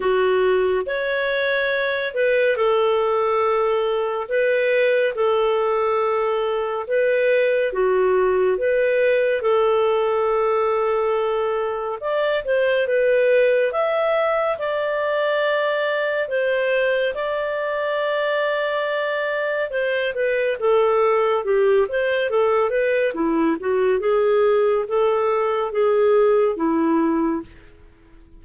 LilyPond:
\new Staff \with { instrumentName = "clarinet" } { \time 4/4 \tempo 4 = 70 fis'4 cis''4. b'8 a'4~ | a'4 b'4 a'2 | b'4 fis'4 b'4 a'4~ | a'2 d''8 c''8 b'4 |
e''4 d''2 c''4 | d''2. c''8 b'8 | a'4 g'8 c''8 a'8 b'8 e'8 fis'8 | gis'4 a'4 gis'4 e'4 | }